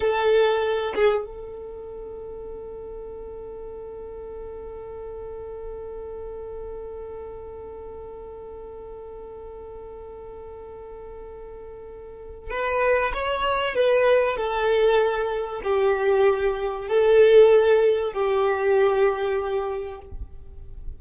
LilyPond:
\new Staff \with { instrumentName = "violin" } { \time 4/4 \tempo 4 = 96 a'4. gis'8 a'2~ | a'1~ | a'1~ | a'1~ |
a'1 | b'4 cis''4 b'4 a'4~ | a'4 g'2 a'4~ | a'4 g'2. | }